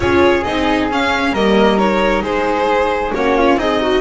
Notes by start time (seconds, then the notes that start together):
0.00 C#4 F4 G#4 C#5
0.43 C4 D#4 D#5
0.90 C#4 F5
1.32 G3 A#3 A#4 D#5
1.77 D#4 C#5
2.22 G#3 G#4 C5
3.14 A#3 C#4 F#4 C#5
3.37 F4
3.56 C4 D#4 G#4 D#5
3.80 F#4